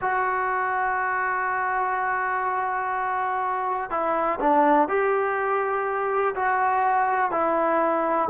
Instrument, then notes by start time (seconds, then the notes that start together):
trombone
0.01 F#4
3.90 E4
4.40 D4
4.88 G4
6.35 F#4
7.31 E4